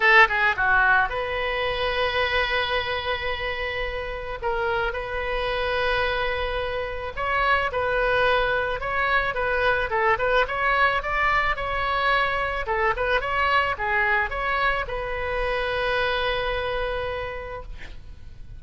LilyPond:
\new Staff \with { instrumentName = "oboe" } { \time 4/4 \tempo 4 = 109 a'8 gis'8 fis'4 b'2~ | b'1 | ais'4 b'2.~ | b'4 cis''4 b'2 |
cis''4 b'4 a'8 b'8 cis''4 | d''4 cis''2 a'8 b'8 | cis''4 gis'4 cis''4 b'4~ | b'1 | }